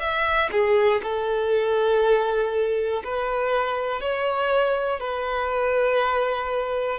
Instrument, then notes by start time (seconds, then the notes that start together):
violin
0.00 E5
0.52 G#4
1.03 A4
3.04 B4
4.01 C#5
5.00 B4